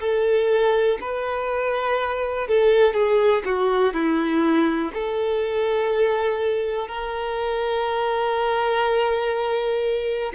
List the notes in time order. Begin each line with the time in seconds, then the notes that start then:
0.00 A4
1.01 B4
2.47 A4
2.93 G#4
3.45 F#4
3.93 E4
4.93 A4
6.88 A#4